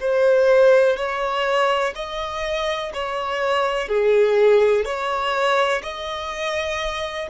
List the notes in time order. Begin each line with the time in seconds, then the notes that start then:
0.00 C5
0.97 C#5
1.96 D#5
2.94 C#5
3.88 G#4
4.85 C#5
5.83 D#5